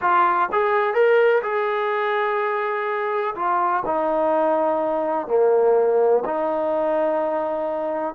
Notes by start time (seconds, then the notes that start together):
0.01 F4
0.51 G#4
0.94 A#4
1.43 G#4
3.35 F4
3.85 D#4
5.27 A#3
6.25 D#4